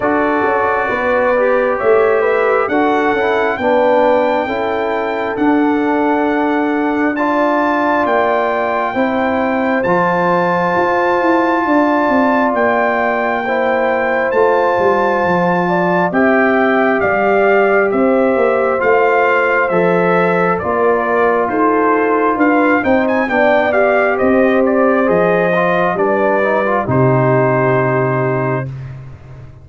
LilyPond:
<<
  \new Staff \with { instrumentName = "trumpet" } { \time 4/4 \tempo 4 = 67 d''2 e''4 fis''4 | g''2 fis''2 | a''4 g''2 a''4~ | a''2 g''2 |
a''2 g''4 f''4 | e''4 f''4 e''4 d''4 | c''4 f''8 g''16 gis''16 g''8 f''8 dis''8 d''8 | dis''4 d''4 c''2 | }
  \new Staff \with { instrumentName = "horn" } { \time 4/4 a'4 b'4 cis''8 b'8 a'4 | b'4 a'2. | d''2 c''2~ | c''4 d''2 c''4~ |
c''4. d''8 e''4 d''4 | c''2. ais'4 | a'4 b'8 c''8 d''4 c''4~ | c''4 b'4 g'2 | }
  \new Staff \with { instrumentName = "trombone" } { \time 4/4 fis'4. g'4. fis'8 e'8 | d'4 e'4 d'2 | f'2 e'4 f'4~ | f'2. e'4 |
f'2 g'2~ | g'4 f'4 a'4 f'4~ | f'4. dis'8 d'8 g'4. | gis'8 f'8 d'8 dis'16 f'16 dis'2 | }
  \new Staff \with { instrumentName = "tuba" } { \time 4/4 d'8 cis'8 b4 a4 d'8 cis'8 | b4 cis'4 d'2~ | d'4 ais4 c'4 f4 | f'8 e'8 d'8 c'8 ais2 |
a8 g8 f4 c'4 g4 | c'8 ais8 a4 f4 ais4 | dis'4 d'8 c'8 b4 c'4 | f4 g4 c2 | }
>>